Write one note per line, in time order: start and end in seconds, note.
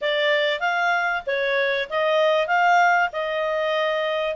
0.01 0.60 D5
0.60 1.22 F5
1.26 1.88 C#5
1.89 2.47 D#5
2.47 3.09 F5
3.12 4.36 D#5